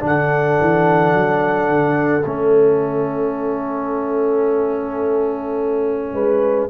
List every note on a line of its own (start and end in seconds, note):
0.00 0.59 D3
0.00 2.22 D4
0.00 6.14 A4
0.06 2.26 F#5
0.61 1.14 E3
1.14 1.69 F#3
1.69 2.25 D3
2.26 6.13 A3
2.26 6.70 C#4
2.26 6.70 E5
6.13 6.69 G#3
6.13 6.70 B4